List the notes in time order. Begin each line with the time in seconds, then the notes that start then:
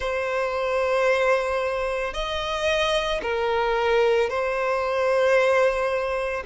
0.00 C5
2.13 D#5
3.22 A#4
4.29 C5